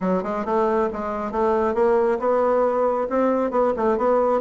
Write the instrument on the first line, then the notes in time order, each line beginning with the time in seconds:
bassoon
0.01 F#3
0.23 G#3
0.45 A3
0.92 G#3
1.31 A3
1.74 A#3
2.19 B3
3.09 C4
3.51 B3
3.76 A3
3.97 B3